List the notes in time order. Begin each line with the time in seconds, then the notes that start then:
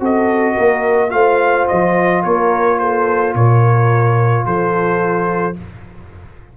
0.00 C4 F#4 A4 D#5
0.55 A#3 A#4
1.09 A3 F4 C5 F5
1.68 F3 D#5
2.23 A#3 A#4 C#5
2.79 A4 C5
3.35 A#2 A#4 C#5
4.46 F3 A4 C5